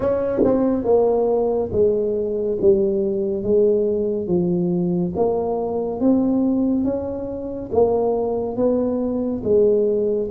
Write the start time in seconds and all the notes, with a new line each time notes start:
0.00 C#4
0.44 C4
0.84 A#3
1.71 G#3
2.61 G3
3.43 G#3
4.27 F3
5.16 A#3
6.00 C4
6.84 C#4
7.71 A#3
8.56 B3
9.43 G#3